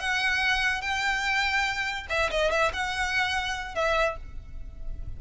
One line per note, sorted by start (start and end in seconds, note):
0.00 0.82 F#5
0.82 2.07 G5
2.10 2.30 E5
2.31 2.52 D#5
2.52 2.72 E5
2.73 3.75 F#5
3.75 4.17 E5